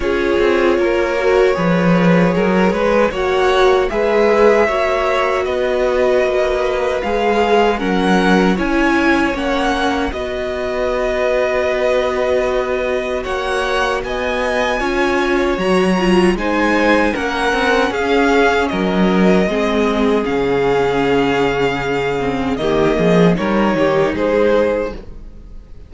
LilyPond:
<<
  \new Staff \with { instrumentName = "violin" } { \time 4/4 \tempo 4 = 77 cis''1 | fis''4 e''2 dis''4~ | dis''4 f''4 fis''4 gis''4 | fis''4 dis''2.~ |
dis''4 fis''4 gis''2 | ais''4 gis''4 fis''4 f''4 | dis''2 f''2~ | f''4 dis''4 cis''4 c''4 | }
  \new Staff \with { instrumentName = "violin" } { \time 4/4 gis'4 ais'4 b'4 ais'8 b'8 | cis''4 b'4 cis''4 b'4~ | b'2 ais'4 cis''4~ | cis''4 b'2.~ |
b'4 cis''4 dis''4 cis''4~ | cis''4 c''4 ais'4 gis'4 | ais'4 gis'2.~ | gis'4 g'8 gis'8 ais'8 g'8 gis'4 | }
  \new Staff \with { instrumentName = "viola" } { \time 4/4 f'4. fis'8 gis'2 | fis'4 gis'4 fis'2~ | fis'4 gis'4 cis'4 e'4 | cis'4 fis'2.~ |
fis'2. f'4 | fis'8 f'8 dis'4 cis'2~ | cis'4 c'4 cis'2~ | cis'8 c'8 ais4 dis'2 | }
  \new Staff \with { instrumentName = "cello" } { \time 4/4 cis'8 c'8 ais4 f4 fis8 gis8 | ais4 gis4 ais4 b4 | ais4 gis4 fis4 cis'4 | ais4 b2.~ |
b4 ais4 b4 cis'4 | fis4 gis4 ais8 c'8 cis'4 | fis4 gis4 cis2~ | cis4 dis8 f8 g8 dis8 gis4 | }
>>